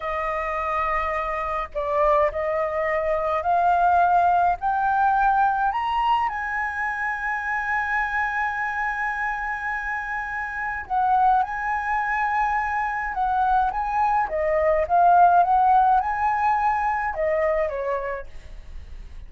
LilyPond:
\new Staff \with { instrumentName = "flute" } { \time 4/4 \tempo 4 = 105 dis''2. d''4 | dis''2 f''2 | g''2 ais''4 gis''4~ | gis''1~ |
gis''2. fis''4 | gis''2. fis''4 | gis''4 dis''4 f''4 fis''4 | gis''2 dis''4 cis''4 | }